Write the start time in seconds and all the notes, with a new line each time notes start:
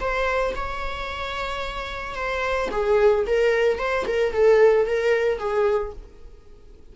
0.00 C5
0.55 C#5
2.15 C5
2.71 G#4
3.26 A#4
3.78 C5
4.07 A#4
4.33 A4
4.86 A#4
5.38 G#4